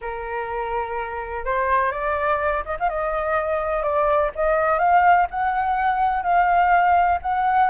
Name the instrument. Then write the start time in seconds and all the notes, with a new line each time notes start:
flute
0.01 A#4
1.45 C5
1.91 D5
2.65 D#5
2.79 F5
2.89 D#5
3.82 D5
4.35 D#5
4.78 F5
5.30 F#5
6.22 F5
7.22 F#5